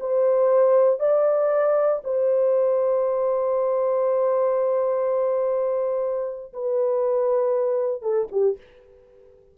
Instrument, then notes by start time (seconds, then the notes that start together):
horn
0.00 C5
1.00 D5
2.04 C5
6.53 B4
8.02 A4
8.31 G4